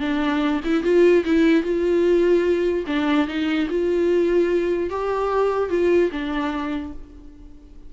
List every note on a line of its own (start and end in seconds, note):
0.00 0.61 D4
0.64 0.83 E4
0.83 1.24 F4
1.25 1.63 E4
1.63 2.85 F4
2.87 3.28 D4
3.28 3.68 D#4
3.69 4.90 F4
4.90 5.70 G4
5.70 6.10 F4
6.12 6.93 D4